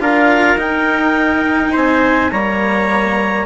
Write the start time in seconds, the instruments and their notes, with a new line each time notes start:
0.00 bassoon D4, cello F4, trumpet A#4, clarinet F5
0.56 bassoon D#4, cello D#4, clarinet G5
1.72 bassoon C4, trumpet C5, clarinet G#5
2.31 bassoon G3, cello A#3, trumpet C#5, clarinet A#5